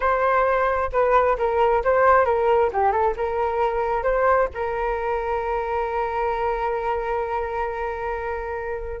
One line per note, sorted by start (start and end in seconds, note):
0.00 0.90 C5
0.92 1.37 B4
1.38 1.83 A#4
1.84 2.25 C5
2.25 2.70 A#4
2.72 2.91 G4
2.91 3.14 A4
3.17 4.03 A#4
4.03 4.48 C5
4.53 9.00 A#4